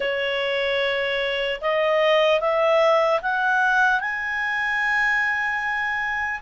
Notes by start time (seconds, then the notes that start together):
0.00 C#5
1.61 D#5
2.40 E5
3.21 F#5
4.00 G#5